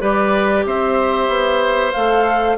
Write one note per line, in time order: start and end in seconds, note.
0.00 0.66 G3
0.00 1.94 G4
0.00 0.65 B4
0.00 0.66 D5
0.66 1.28 C4
0.66 2.58 C5
0.66 1.93 E5
1.28 1.93 B3
1.93 2.58 A3
1.93 2.58 A4
1.93 2.57 F5